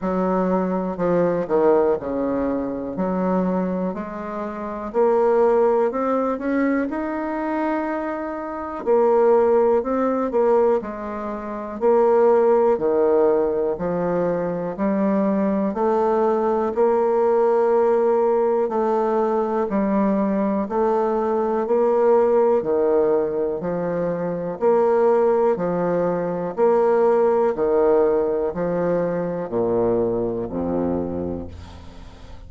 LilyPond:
\new Staff \with { instrumentName = "bassoon" } { \time 4/4 \tempo 4 = 61 fis4 f8 dis8 cis4 fis4 | gis4 ais4 c'8 cis'8 dis'4~ | dis'4 ais4 c'8 ais8 gis4 | ais4 dis4 f4 g4 |
a4 ais2 a4 | g4 a4 ais4 dis4 | f4 ais4 f4 ais4 | dis4 f4 ais,4 f,4 | }